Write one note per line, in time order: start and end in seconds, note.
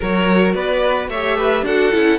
0.00 0.54 F#3
0.00 1.13 F#4
0.00 0.54 A#4
0.00 0.52 C#5
0.52 1.08 B3
0.52 1.09 B4
0.52 1.07 D5
1.08 1.62 A3
1.08 1.64 G4
1.08 1.37 C#5
1.08 1.65 E5
1.37 1.65 B4
1.62 1.90 D4
1.62 1.92 F#4
1.62 2.19 A4
1.62 2.19 F#5
1.92 2.19 C#4
1.92 2.19 E4